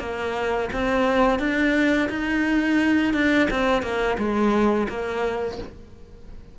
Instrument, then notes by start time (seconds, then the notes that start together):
cello
0.00 A#3
0.73 C4
1.40 D4
2.10 D#4
3.14 D4
3.51 C4
3.83 A#3
4.18 G#3
4.89 A#3